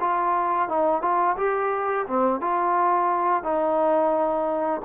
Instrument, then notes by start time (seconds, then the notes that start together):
trombone
0.00 F4
0.68 D#4
1.01 F4
1.37 G4
2.07 C4
2.40 F4
3.43 D#4